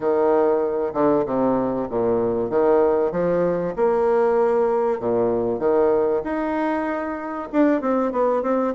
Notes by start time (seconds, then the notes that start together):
0.00 D#3
0.93 D3
1.25 C3
1.89 A#2
2.50 D#3
3.11 F3
3.76 A#3
4.99 A#2
5.59 D#3
6.23 D#4
7.52 D4
7.81 C4
8.11 B3
8.42 C4